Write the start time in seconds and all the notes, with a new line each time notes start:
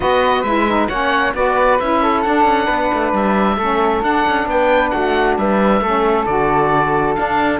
0.00 B3 F#4 B4 D#5
0.42 G#3 E4 E5
0.67 D#4
0.88 A#3 C#4 C#5 F#5
1.33 B3 F#4 B4 D5
1.79 C#4 E4 E5
2.02 A4
2.21 D4 F#5
2.44 C#4
2.65 B3 B4
2.93 A3
3.12 G3 E5
3.56 A3 C#4 A4
4.01 D4 F#5
4.28 C#4
4.46 B3 B4 G5
4.90 A3 F#4 F#5
5.37 G3 B4 E5
5.80 A3 C#4 A4
6.26 D3 F#4 D5
7.15 D4 F5